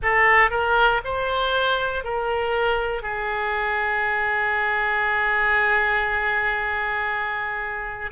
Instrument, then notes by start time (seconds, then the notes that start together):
oboe
0.02 A4
0.50 A#4
1.04 C5
2.03 A#4
3.02 G#4